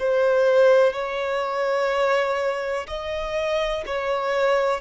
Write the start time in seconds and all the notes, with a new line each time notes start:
0.00 C5
0.93 C#5
2.88 D#5
3.87 C#5